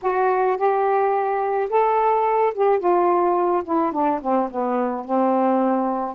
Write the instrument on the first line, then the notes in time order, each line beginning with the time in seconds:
saxophone
0.02 F#4
0.57 G4
1.69 A4
2.54 G4
2.79 F4
3.64 E4
3.92 D4
4.21 C4
4.50 B3
5.04 C4